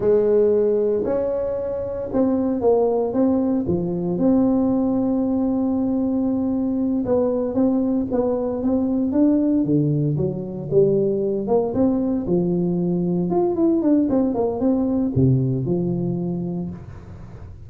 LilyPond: \new Staff \with { instrumentName = "tuba" } { \time 4/4 \tempo 4 = 115 gis2 cis'2 | c'4 ais4 c'4 f4 | c'1~ | c'4. b4 c'4 b8~ |
b8 c'4 d'4 d4 fis8~ | fis8 g4. ais8 c'4 f8~ | f4. f'8 e'8 d'8 c'8 ais8 | c'4 c4 f2 | }